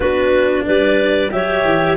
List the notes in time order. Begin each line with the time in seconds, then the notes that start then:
0.00 B3 D4 F#4 B4
0.65 G3 B4 D5
1.31 F#3 G4 C#5 E5
1.64 E3